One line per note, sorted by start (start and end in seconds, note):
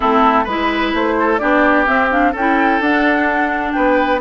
0.00 0.46 A3
0.00 0.46 C4
0.00 0.44 E4
0.00 0.46 A4
0.44 0.93 G#3
0.44 1.40 E4
0.44 1.14 B4
0.44 0.93 B4
0.93 1.40 A3
0.93 1.38 C5
1.19 1.40 A4
1.38 1.87 B3
1.38 1.86 D4
1.38 2.32 G4
1.38 1.85 D5
1.86 2.09 C4
1.86 2.34 C4
1.86 2.10 E5
2.10 2.33 D4
2.10 2.34 F5
2.32 2.79 C#4
2.32 3.72 A4
2.32 2.81 G5
2.38 2.81 E4
2.79 3.73 D4
2.79 4.20 D4
2.79 3.72 F#5
3.72 4.20 B3
3.72 4.20 B4
3.72 4.19 G5